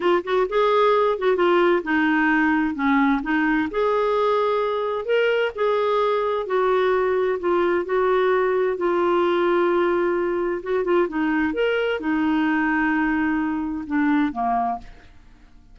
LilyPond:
\new Staff \with { instrumentName = "clarinet" } { \time 4/4 \tempo 4 = 130 f'8 fis'8 gis'4. fis'8 f'4 | dis'2 cis'4 dis'4 | gis'2. ais'4 | gis'2 fis'2 |
f'4 fis'2 f'4~ | f'2. fis'8 f'8 | dis'4 ais'4 dis'2~ | dis'2 d'4 ais4 | }